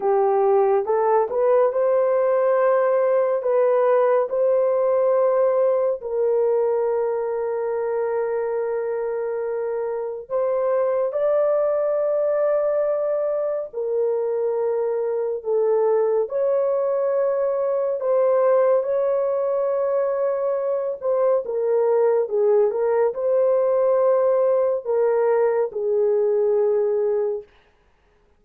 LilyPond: \new Staff \with { instrumentName = "horn" } { \time 4/4 \tempo 4 = 70 g'4 a'8 b'8 c''2 | b'4 c''2 ais'4~ | ais'1 | c''4 d''2. |
ais'2 a'4 cis''4~ | cis''4 c''4 cis''2~ | cis''8 c''8 ais'4 gis'8 ais'8 c''4~ | c''4 ais'4 gis'2 | }